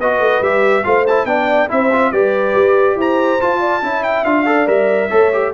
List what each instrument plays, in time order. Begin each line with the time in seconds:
0.00 tuba B3, trombone F#4, horn B4, trumpet D#5
0.19 tuba A3
0.42 tuba G3, trombone G4, trumpet E5
0.84 tuba A3, trombone F4, horn C5, trumpet F5
1.07 trombone E4, trumpet A5
1.25 tuba B3, trombone D4, horn D5, trumpet G5
1.69 tuba C4, trombone E4, horn C5, trumpet E5
1.93 trombone F4
2.12 tuba G3, trombone G4, horn B4, trumpet D5
2.55 tuba G4
2.96 tuba E4, horn C5, trumpet A#5
3.40 trombone F4, tuba F4, trumpet A5
3.60 horn D5
3.82 tuba C#4, trombone E4, horn E5
4.04 trumpet G5
4.25 tuba D4, trombone F4, trumpet F5
4.46 trombone A4, horn D5
4.67 tuba G3, trombone A#4, trumpet E5
5.09 tuba A3, trombone A4, horn C#5
5.33 trombone G4